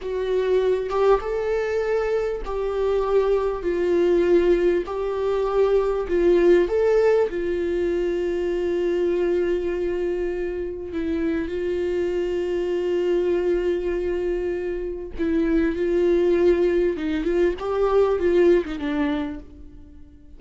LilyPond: \new Staff \with { instrumentName = "viola" } { \time 4/4 \tempo 4 = 99 fis'4. g'8 a'2 | g'2 f'2 | g'2 f'4 a'4 | f'1~ |
f'2 e'4 f'4~ | f'1~ | f'4 e'4 f'2 | dis'8 f'8 g'4 f'8. dis'16 d'4 | }